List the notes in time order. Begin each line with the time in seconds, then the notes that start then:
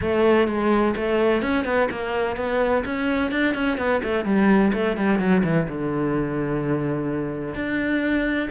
0.01 A3
0.47 G#3
0.96 A3
1.42 C#4
1.64 B3
1.90 A#3
2.36 B3
2.85 C#4
3.31 D4
3.54 C#4
3.77 B3
4.03 A3
4.25 G3
4.73 A3
4.96 G3
5.19 F#3
5.43 E3
5.68 D3
7.54 D4